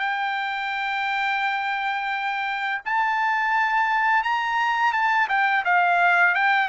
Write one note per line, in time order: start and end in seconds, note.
0.00 2.82 G5
2.86 4.24 A5
4.24 4.93 A#5
4.93 5.29 A5
5.29 5.65 G5
5.65 6.35 F5
6.35 6.69 G5